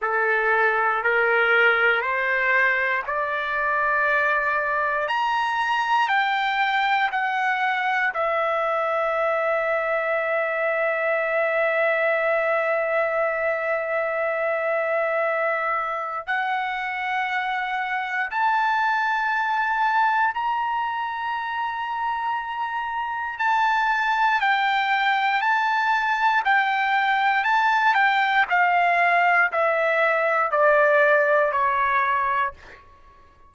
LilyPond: \new Staff \with { instrumentName = "trumpet" } { \time 4/4 \tempo 4 = 59 a'4 ais'4 c''4 d''4~ | d''4 ais''4 g''4 fis''4 | e''1~ | e''1 |
fis''2 a''2 | ais''2. a''4 | g''4 a''4 g''4 a''8 g''8 | f''4 e''4 d''4 cis''4 | }